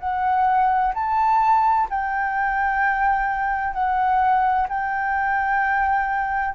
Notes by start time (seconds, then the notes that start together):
0.00 F#5
0.95 A5
1.90 G5
3.74 F#5
4.69 G5